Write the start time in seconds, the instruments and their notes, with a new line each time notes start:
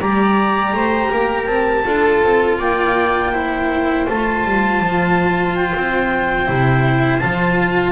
0.00 double bass G3, cello G4, viola D5, clarinet A#5
0.73 double bass A3, viola C5
1.11 double bass A#3, viola A#4
1.46 double bass C4, clarinet A5
1.85 double bass D4, cello F4, viola A4
2.23 double bass C4
2.59 double bass A#3, viola D5, clarinet G5
3.33 cello E4, viola C5
4.07 double bass A3, cello F4, clarinet A5
4.45 double bass G3
4.81 double bass F3
5.56 clarinet G5
5.77 double bass C4
6.46 double bass C3, cello E4
7.19 double bass F3, cello F4, clarinet A5